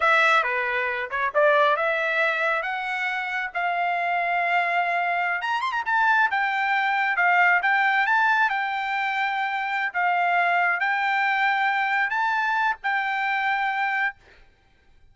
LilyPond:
\new Staff \with { instrumentName = "trumpet" } { \time 4/4 \tempo 4 = 136 e''4 b'4. cis''8 d''4 | e''2 fis''2 | f''1~ | f''16 ais''8 c'''16 ais''16 a''4 g''4.~ g''16~ |
g''16 f''4 g''4 a''4 g''8.~ | g''2~ g''8 f''4.~ | f''8 g''2. a''8~ | a''4 g''2. | }